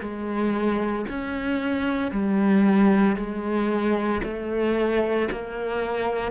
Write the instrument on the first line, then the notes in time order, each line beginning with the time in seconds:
cello
0.00 G#3
1.09 C#4
2.11 G3
3.16 G#3
4.23 A3
5.31 A#3